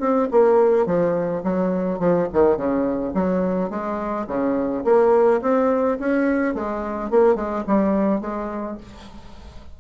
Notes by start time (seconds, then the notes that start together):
0.00 C4
0.31 A#3
0.86 F3
1.44 F#3
1.99 F3
2.33 D#3
2.57 C#3
3.14 F#3
3.70 G#3
4.28 C#3
4.84 A#3
5.42 C4
6.00 C#4
6.55 G#3
7.11 A#3
7.36 G#3
7.67 G3
8.21 G#3